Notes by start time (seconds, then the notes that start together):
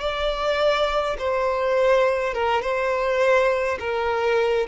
0.00 D5
1.19 C5
2.34 A#4
2.62 C5
3.79 A#4